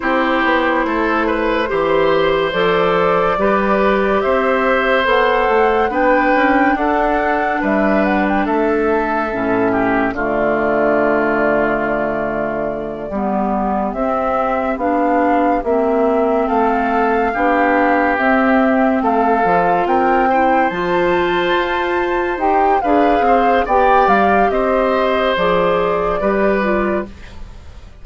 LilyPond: <<
  \new Staff \with { instrumentName = "flute" } { \time 4/4 \tempo 4 = 71 c''2. d''4~ | d''4 e''4 fis''4 g''4 | fis''4 e''8 fis''16 g''16 e''2 | d''1~ |
d''8 e''4 f''4 e''4 f''8~ | f''4. e''4 f''4 g''8~ | g''8 a''2 g''8 f''4 | g''8 f''8 dis''4 d''2 | }
  \new Staff \with { instrumentName = "oboe" } { \time 4/4 g'4 a'8 b'8 c''2 | b'4 c''2 b'4 | a'4 b'4 a'4. g'8 | f'2.~ f'8 g'8~ |
g'2.~ g'8 a'8~ | a'8 g'2 a'4 ais'8 | c''2. b'8 c''8 | d''4 c''2 b'4 | }
  \new Staff \with { instrumentName = "clarinet" } { \time 4/4 e'2 g'4 a'4 | g'2 a'4 d'4~ | d'2. cis'4 | a2.~ a8 b8~ |
b8 c'4 d'4 c'4.~ | c'8 d'4 c'4. f'4 | e'8 f'2 g'8 gis'4 | g'2 gis'4 g'8 f'8 | }
  \new Staff \with { instrumentName = "bassoon" } { \time 4/4 c'8 b8 a4 e4 f4 | g4 c'4 b8 a8 b8 cis'8 | d'4 g4 a4 a,4 | d2.~ d8 g8~ |
g8 c'4 b4 ais4 a8~ | a8 b4 c'4 a8 f8 c'8~ | c'8 f4 f'4 dis'8 d'8 c'8 | b8 g8 c'4 f4 g4 | }
>>